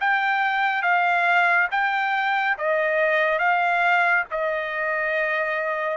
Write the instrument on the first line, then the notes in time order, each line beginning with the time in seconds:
trumpet
0.00 G5
0.82 F5
1.71 G5
2.58 D#5
3.38 F5
4.30 D#5